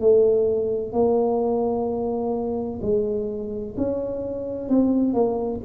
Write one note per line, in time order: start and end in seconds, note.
0.00 0.92 A3
0.92 2.80 A#3
2.82 3.76 G#3
3.78 4.69 C#4
4.69 5.14 C4
5.14 5.61 A#3